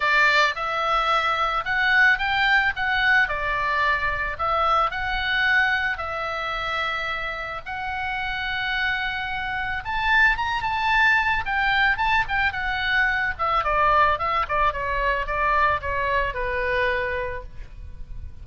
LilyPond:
\new Staff \with { instrumentName = "oboe" } { \time 4/4 \tempo 4 = 110 d''4 e''2 fis''4 | g''4 fis''4 d''2 | e''4 fis''2 e''4~ | e''2 fis''2~ |
fis''2 a''4 ais''8 a''8~ | a''4 g''4 a''8 g''8 fis''4~ | fis''8 e''8 d''4 e''8 d''8 cis''4 | d''4 cis''4 b'2 | }